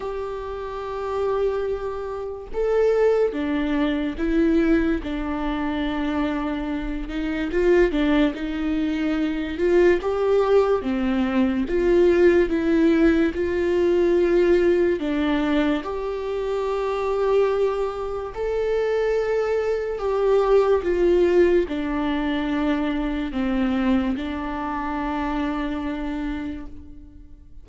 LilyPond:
\new Staff \with { instrumentName = "viola" } { \time 4/4 \tempo 4 = 72 g'2. a'4 | d'4 e'4 d'2~ | d'8 dis'8 f'8 d'8 dis'4. f'8 | g'4 c'4 f'4 e'4 |
f'2 d'4 g'4~ | g'2 a'2 | g'4 f'4 d'2 | c'4 d'2. | }